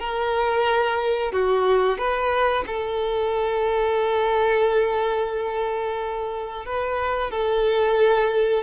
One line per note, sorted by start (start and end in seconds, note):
0.00 1.32 A#4
1.32 1.98 F#4
1.98 2.65 B4
2.67 6.66 A4
6.66 7.32 B4
7.32 8.63 A4